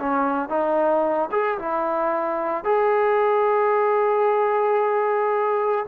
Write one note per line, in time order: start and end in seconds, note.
0.00 0.50 C#4
0.50 1.30 D#4
1.32 1.59 G#4
1.59 2.65 E4
2.65 5.86 G#4